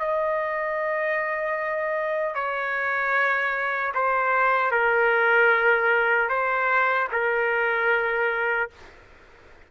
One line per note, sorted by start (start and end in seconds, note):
0.00 2.35 D#5
2.35 3.93 C#5
3.95 4.72 C5
4.72 6.29 A#4
6.30 7.09 C5
7.12 8.70 A#4